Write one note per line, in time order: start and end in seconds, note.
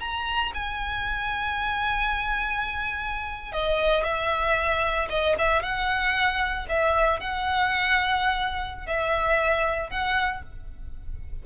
0.00 0.52 A#5
0.54 3.52 G#5
3.52 4.04 D#5
4.04 5.08 E5
5.10 5.36 D#5
5.38 5.62 E5
5.62 6.67 F#5
6.69 7.20 E5
7.20 8.86 F#5
8.86 9.90 E5
9.90 10.42 F#5